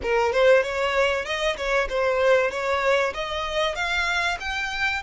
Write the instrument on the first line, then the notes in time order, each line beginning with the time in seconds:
violin
0.02 A#4
0.32 C5
0.62 C#5
1.25 D#5
1.56 C#5
1.89 C5
2.50 C#5
3.13 D#5
3.75 F5
4.40 G5